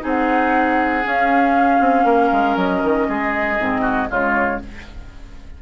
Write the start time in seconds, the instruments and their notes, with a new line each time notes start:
0.00 bassoon C4, clarinet D#4, oboe G#4
0.06 flute F#5
1.04 clarinet C#4, bassoon C#4, flute F5
1.80 bassoon C4
2.05 bassoon A#3, oboe A#4
2.32 bassoon G#3
2.57 bassoon F#3, flute D#5
2.84 bassoon D#3
3.08 bassoon G#3, oboe G#4
3.59 bassoon G#2, clarinet C4
3.82 oboe F#4
4.09 bassoon C#3, clarinet G#3, oboe F4, flute C#5